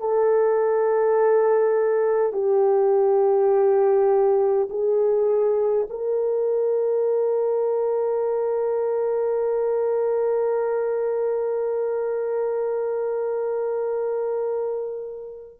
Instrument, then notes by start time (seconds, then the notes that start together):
horn
0.00 A4
2.33 G4
4.70 G#4
5.90 A#4